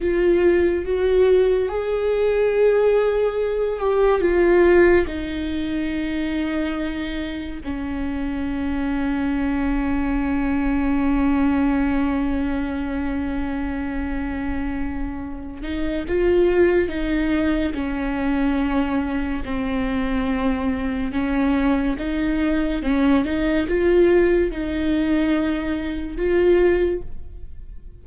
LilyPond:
\new Staff \with { instrumentName = "viola" } { \time 4/4 \tempo 4 = 71 f'4 fis'4 gis'2~ | gis'8 g'8 f'4 dis'2~ | dis'4 cis'2.~ | cis'1~ |
cis'2~ cis'8 dis'8 f'4 | dis'4 cis'2 c'4~ | c'4 cis'4 dis'4 cis'8 dis'8 | f'4 dis'2 f'4 | }